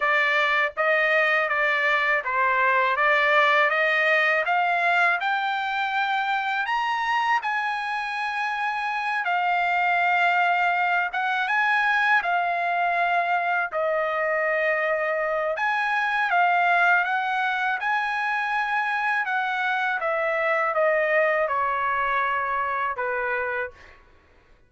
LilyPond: \new Staff \with { instrumentName = "trumpet" } { \time 4/4 \tempo 4 = 81 d''4 dis''4 d''4 c''4 | d''4 dis''4 f''4 g''4~ | g''4 ais''4 gis''2~ | gis''8 f''2~ f''8 fis''8 gis''8~ |
gis''8 f''2 dis''4.~ | dis''4 gis''4 f''4 fis''4 | gis''2 fis''4 e''4 | dis''4 cis''2 b'4 | }